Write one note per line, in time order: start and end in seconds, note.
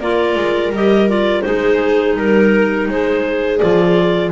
0.00 0.35 A#3
0.00 0.74 F4
0.00 1.45 A#4
0.00 0.73 D5
0.35 0.70 G#3
0.70 1.42 G3
0.70 1.09 G4
0.70 1.09 D#5
1.09 1.44 F4
1.09 1.42 D5
1.42 2.17 G#3
1.42 3.61 D#4
1.42 2.17 G#4
1.42 2.14 C5
2.16 2.89 G3
2.16 2.89 A#4
2.89 3.61 G#3
2.89 4.32 G#4
2.89 3.58 C5
3.58 4.32 F3
3.58 4.32 F4
3.58 4.31 D5